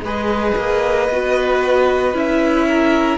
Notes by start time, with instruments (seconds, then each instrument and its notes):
0.00 cello G#3, viola G#4, violin B4
0.07 violin D#5
0.57 cello A#3
1.09 cello B3, viola F#4
2.14 cello C#4, viola E4, violin E5
2.68 violin A#4